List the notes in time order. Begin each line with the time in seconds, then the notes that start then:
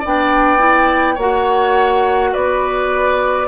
0.00 B3 D4 D5 G5
0.58 E4
1.15 A#3 F#4 C#5 F#5
2.33 B3 B4 D5